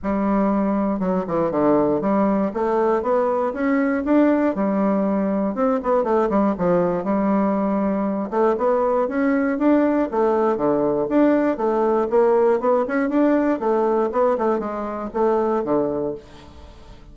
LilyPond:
\new Staff \with { instrumentName = "bassoon" } { \time 4/4 \tempo 4 = 119 g2 fis8 e8 d4 | g4 a4 b4 cis'4 | d'4 g2 c'8 b8 | a8 g8 f4 g2~ |
g8 a8 b4 cis'4 d'4 | a4 d4 d'4 a4 | ais4 b8 cis'8 d'4 a4 | b8 a8 gis4 a4 d4 | }